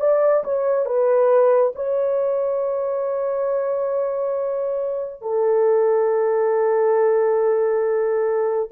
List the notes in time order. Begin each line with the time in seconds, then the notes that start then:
0.00 D5
0.43 C#5
0.85 B4
1.75 C#5
5.21 A4